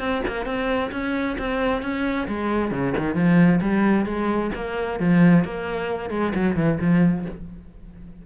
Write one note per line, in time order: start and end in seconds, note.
0.00 0.23 C4
0.27 0.46 A#3
0.46 0.91 C4
0.92 1.37 C#4
1.39 1.82 C4
1.82 2.27 C#4
2.28 2.71 G#3
2.71 2.94 C#3
2.98 3.15 D#3
3.15 3.60 F3
3.62 4.06 G3
4.06 4.51 G#3
4.55 5.00 A#3
5.00 5.45 F3
5.45 6.11 A#3
6.11 6.33 G#3
6.35 6.56 F#3
6.56 6.79 E3
6.81 7.26 F3